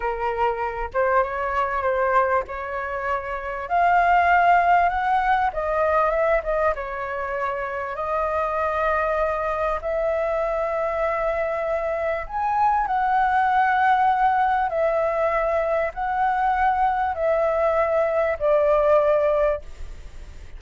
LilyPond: \new Staff \with { instrumentName = "flute" } { \time 4/4 \tempo 4 = 98 ais'4. c''8 cis''4 c''4 | cis''2 f''2 | fis''4 dis''4 e''8 dis''8 cis''4~ | cis''4 dis''2. |
e''1 | gis''4 fis''2. | e''2 fis''2 | e''2 d''2 | }